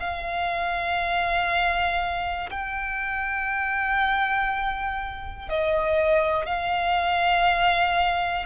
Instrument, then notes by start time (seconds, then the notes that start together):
violin
0.00 F5
2.51 G5
5.50 D#5
6.46 F5